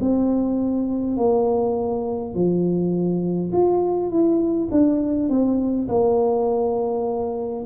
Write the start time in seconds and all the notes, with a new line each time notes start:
0.00 C4
1.17 A#3
2.34 F3
3.52 F4
4.10 E4
4.71 D4
5.29 C4
5.88 A#3